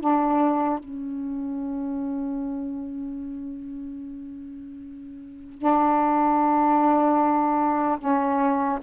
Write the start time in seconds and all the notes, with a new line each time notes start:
0.00 D4
0.79 C#4
5.58 D4
7.99 C#4